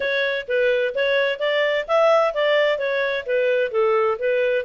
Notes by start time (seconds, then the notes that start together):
0.00 C#5
0.48 B4
0.95 C#5
1.39 D5
1.87 E5
2.34 D5
2.78 C#5
3.26 B4
3.71 A4
4.19 B4